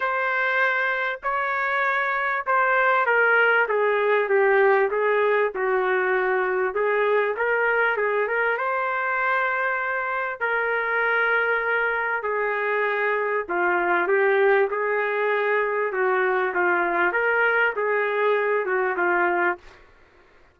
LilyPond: \new Staff \with { instrumentName = "trumpet" } { \time 4/4 \tempo 4 = 98 c''2 cis''2 | c''4 ais'4 gis'4 g'4 | gis'4 fis'2 gis'4 | ais'4 gis'8 ais'8 c''2~ |
c''4 ais'2. | gis'2 f'4 g'4 | gis'2 fis'4 f'4 | ais'4 gis'4. fis'8 f'4 | }